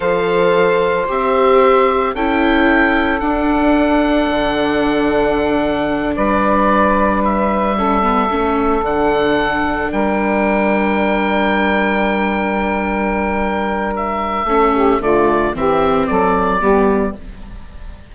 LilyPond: <<
  \new Staff \with { instrumentName = "oboe" } { \time 4/4 \tempo 4 = 112 f''2 e''2 | g''2 fis''2~ | fis''2.~ fis''8 d''8~ | d''4. e''2~ e''8~ |
e''8 fis''2 g''4.~ | g''1~ | g''2 e''2 | d''4 e''4 d''2 | }
  \new Staff \with { instrumentName = "saxophone" } { \time 4/4 c''1 | a'1~ | a'2.~ a'8 b'8~ | b'2~ b'8 a'4.~ |
a'2~ a'8 ais'4.~ | ais'1~ | ais'2. a'8 g'8 | f'4 g'4 a'4 g'4 | }
  \new Staff \with { instrumentName = "viola" } { \time 4/4 a'2 g'2 | e'2 d'2~ | d'1~ | d'2~ d'8 cis'8 b8 cis'8~ |
cis'8 d'2.~ d'8~ | d'1~ | d'2. cis'4 | a4 c'2 b4 | }
  \new Staff \with { instrumentName = "bassoon" } { \time 4/4 f2 c'2 | cis'2 d'2 | d2.~ d8 g8~ | g2.~ g8 a8~ |
a8 d2 g4.~ | g1~ | g2. a4 | d4 e4 fis4 g4 | }
>>